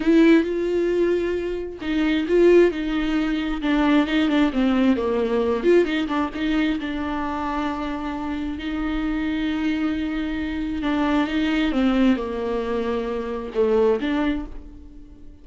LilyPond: \new Staff \with { instrumentName = "viola" } { \time 4/4 \tempo 4 = 133 e'4 f'2. | dis'4 f'4 dis'2 | d'4 dis'8 d'8 c'4 ais4~ | ais8 f'8 dis'8 d'8 dis'4 d'4~ |
d'2. dis'4~ | dis'1 | d'4 dis'4 c'4 ais4~ | ais2 a4 d'4 | }